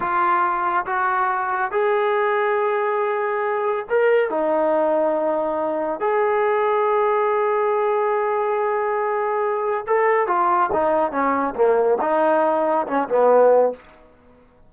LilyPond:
\new Staff \with { instrumentName = "trombone" } { \time 4/4 \tempo 4 = 140 f'2 fis'2 | gis'1~ | gis'4 ais'4 dis'2~ | dis'2 gis'2~ |
gis'1~ | gis'2. a'4 | f'4 dis'4 cis'4 ais4 | dis'2 cis'8 b4. | }